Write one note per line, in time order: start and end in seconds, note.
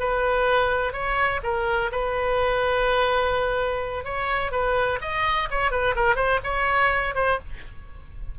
0.00 0.93 B4
0.93 1.41 C#5
1.44 1.91 A#4
1.92 4.05 B4
4.05 4.52 C#5
4.52 4.99 B4
5.02 5.49 D#5
5.51 5.71 C#5
5.71 5.95 B4
5.96 6.16 A#4
6.16 6.40 C5
6.44 7.15 C#5
7.15 7.39 C5